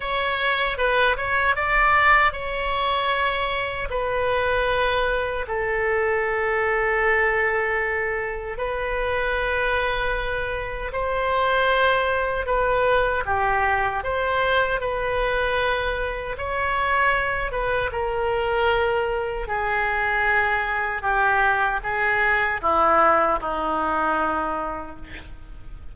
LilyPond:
\new Staff \with { instrumentName = "oboe" } { \time 4/4 \tempo 4 = 77 cis''4 b'8 cis''8 d''4 cis''4~ | cis''4 b'2 a'4~ | a'2. b'4~ | b'2 c''2 |
b'4 g'4 c''4 b'4~ | b'4 cis''4. b'8 ais'4~ | ais'4 gis'2 g'4 | gis'4 e'4 dis'2 | }